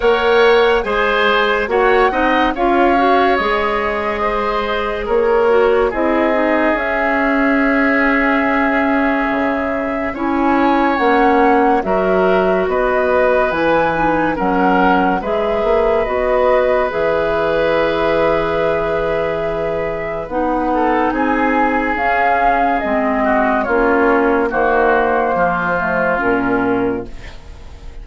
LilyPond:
<<
  \new Staff \with { instrumentName = "flute" } { \time 4/4 \tempo 4 = 71 fis''4 gis''4 fis''4 f''4 | dis''2 cis''4 dis''4 | e''1 | gis''4 fis''4 e''4 dis''4 |
gis''4 fis''4 e''4 dis''4 | e''1 | fis''4 gis''4 f''4 dis''4 | cis''4 c''2 ais'4 | }
  \new Staff \with { instrumentName = "oboe" } { \time 4/4 cis''4 c''4 cis''8 dis''8 cis''4~ | cis''4 c''4 ais'4 gis'4~ | gis'1 | cis''2 ais'4 b'4~ |
b'4 ais'4 b'2~ | b'1~ | b'8 a'8 gis'2~ gis'8 fis'8 | f'4 fis'4 f'2 | }
  \new Staff \with { instrumentName = "clarinet" } { \time 4/4 ais'4 gis'4 fis'8 dis'8 f'8 fis'8 | gis'2~ gis'8 fis'8 e'8 dis'8 | cis'1 | e'4 cis'4 fis'2 |
e'8 dis'8 cis'4 gis'4 fis'4 | gis'1 | dis'2 cis'4 c'4 | cis'4 ais4. a8 cis'4 | }
  \new Staff \with { instrumentName = "bassoon" } { \time 4/4 ais4 gis4 ais8 c'8 cis'4 | gis2 ais4 c'4 | cis'2. cis4 | cis'4 ais4 fis4 b4 |
e4 fis4 gis8 ais8 b4 | e1 | b4 c'4 cis'4 gis4 | ais4 dis4 f4 ais,4 | }
>>